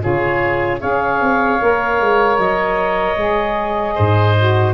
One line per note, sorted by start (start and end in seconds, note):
0.00 0.83 C#3
0.00 0.79 F4
0.00 0.81 G#4
0.00 0.81 C#5
0.80 1.21 C#4
0.80 1.59 G#4
0.80 3.95 C#5
0.80 2.38 F5
1.21 1.61 C4
1.61 2.01 A#3
1.61 3.17 A#4
2.01 2.38 G#3
2.38 3.17 F#3
2.38 4.74 D#5
3.17 3.96 G#3
3.17 4.36 G#4
3.95 4.74 G#2
3.95 4.74 C5
4.38 4.74 F#4